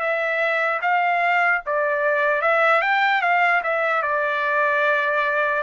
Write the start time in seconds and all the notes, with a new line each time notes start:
0.00 E5
0.82 F5
1.66 D5
2.42 E5
2.81 G5
3.21 F5
3.63 E5
4.03 D5